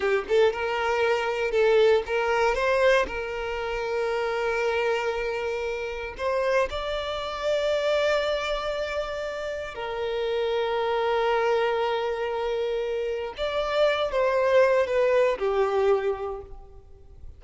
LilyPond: \new Staff \with { instrumentName = "violin" } { \time 4/4 \tempo 4 = 117 g'8 a'8 ais'2 a'4 | ais'4 c''4 ais'2~ | ais'1 | c''4 d''2.~ |
d''2. ais'4~ | ais'1~ | ais'2 d''4. c''8~ | c''4 b'4 g'2 | }